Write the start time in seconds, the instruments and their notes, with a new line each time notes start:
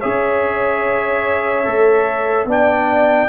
0.00 tuba C#4, trombone G#4, horn C#5, trumpet E5
1.65 tuba A3, trombone A4
2.45 tuba B3, trombone D4, horn D5
2.51 trumpet G5